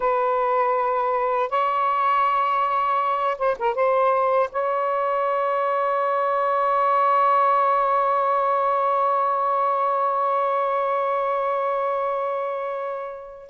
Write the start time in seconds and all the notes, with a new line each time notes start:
0.00 B4
1.49 C#5
3.38 C5
3.59 A#4
3.74 C5
4.51 C#5